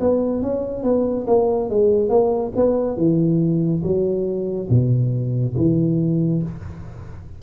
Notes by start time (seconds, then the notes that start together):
0.00 B3
0.42 C#4
0.83 B3
1.27 A#3
1.69 G#3
2.09 A#3
2.55 B3
2.96 E3
3.83 F#3
4.69 B2
5.56 E3